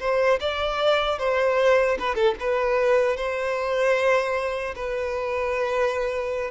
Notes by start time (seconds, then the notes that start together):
0.00 C5
0.41 D5
1.19 C5
1.99 B4
2.15 A4
2.40 B4
3.17 C5
4.76 B4